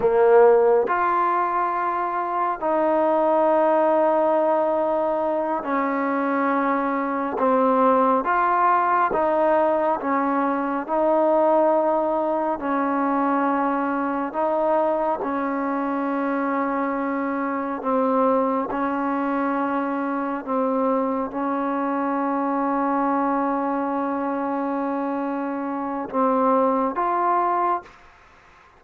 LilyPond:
\new Staff \with { instrumentName = "trombone" } { \time 4/4 \tempo 4 = 69 ais4 f'2 dis'4~ | dis'2~ dis'8 cis'4.~ | cis'8 c'4 f'4 dis'4 cis'8~ | cis'8 dis'2 cis'4.~ |
cis'8 dis'4 cis'2~ cis'8~ | cis'8 c'4 cis'2 c'8~ | c'8 cis'2.~ cis'8~ | cis'2 c'4 f'4 | }